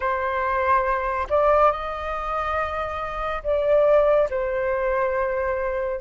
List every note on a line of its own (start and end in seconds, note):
0.00 1.27 C5
1.29 1.71 D5
1.71 3.42 D#5
3.43 4.29 D5
4.29 6.00 C5